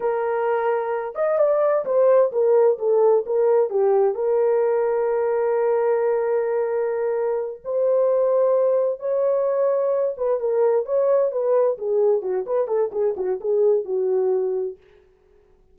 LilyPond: \new Staff \with { instrumentName = "horn" } { \time 4/4 \tempo 4 = 130 ais'2~ ais'8 dis''8 d''4 | c''4 ais'4 a'4 ais'4 | g'4 ais'2.~ | ais'1~ |
ais'8 c''2. cis''8~ | cis''2 b'8 ais'4 cis''8~ | cis''8 b'4 gis'4 fis'8 b'8 a'8 | gis'8 fis'8 gis'4 fis'2 | }